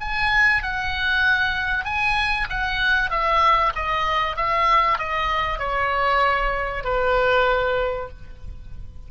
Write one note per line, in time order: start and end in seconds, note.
0.00 0.62 G#5
0.62 1.85 F#5
1.85 2.47 G#5
2.49 3.10 F#5
3.10 3.73 E5
3.75 4.36 D#5
4.36 4.98 E5
4.98 5.59 D#5
5.59 6.84 C#5
6.84 8.09 B4